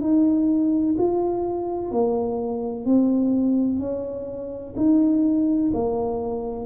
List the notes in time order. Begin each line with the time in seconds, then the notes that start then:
0.00 D#4
0.98 F4
1.91 A#3
2.85 C4
3.79 C#4
4.76 D#4
5.73 A#3